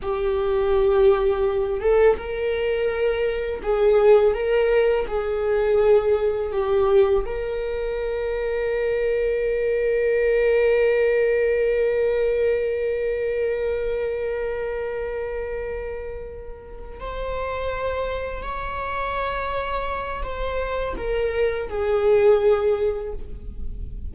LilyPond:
\new Staff \with { instrumentName = "viola" } { \time 4/4 \tempo 4 = 83 g'2~ g'8 a'8 ais'4~ | ais'4 gis'4 ais'4 gis'4~ | gis'4 g'4 ais'2~ | ais'1~ |
ais'1~ | ais'2.~ ais'8 c''8~ | c''4. cis''2~ cis''8 | c''4 ais'4 gis'2 | }